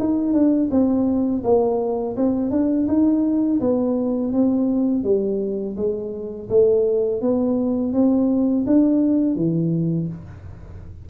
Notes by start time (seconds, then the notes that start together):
0.00 D#4
0.34 D4
0.71 C4
1.44 A#3
2.17 C4
2.51 D4
2.88 D#4
3.61 B3
4.33 C4
5.04 G3
5.77 G#3
6.50 A3
7.22 B3
7.93 C4
8.67 D4
9.36 E3